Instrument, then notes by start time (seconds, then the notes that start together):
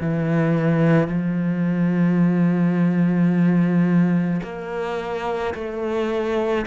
cello
0.00 E3
1.07 F3
4.42 A#3
5.54 A3